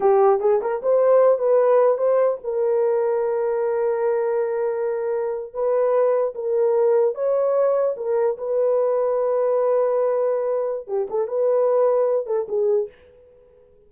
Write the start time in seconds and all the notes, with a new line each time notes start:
0.00 G4
0.40 G#4
0.61 A#4
0.82 C5
1.38 B4
1.97 C5
2.43 A#4
5.53 B4
6.34 A#4
7.14 C#5
7.97 A#4
8.37 B4
10.87 G4
11.09 A4
11.27 B4
12.26 A4
12.48 G#4